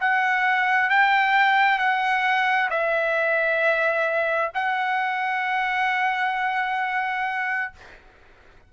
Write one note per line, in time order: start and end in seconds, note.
0.00 0.90 F#5
0.90 1.79 G5
1.79 2.69 F#5
2.70 4.52 E5
4.54 7.72 F#5